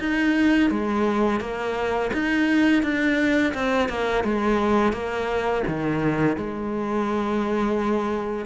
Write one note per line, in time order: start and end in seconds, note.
0.00 0.71 D#4
0.71 1.41 G#3
1.41 2.11 A#3
2.13 2.83 D#4
2.83 3.54 D4
3.54 3.89 C4
3.89 4.24 A#3
4.24 4.93 G#3
4.93 5.64 A#3
5.68 6.37 D#3
6.37 8.46 G#3